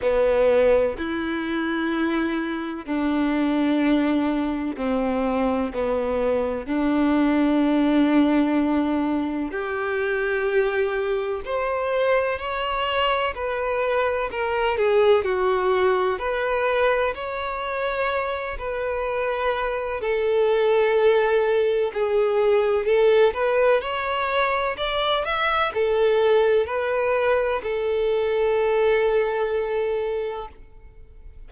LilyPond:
\new Staff \with { instrumentName = "violin" } { \time 4/4 \tempo 4 = 63 b4 e'2 d'4~ | d'4 c'4 b4 d'4~ | d'2 g'2 | c''4 cis''4 b'4 ais'8 gis'8 |
fis'4 b'4 cis''4. b'8~ | b'4 a'2 gis'4 | a'8 b'8 cis''4 d''8 e''8 a'4 | b'4 a'2. | }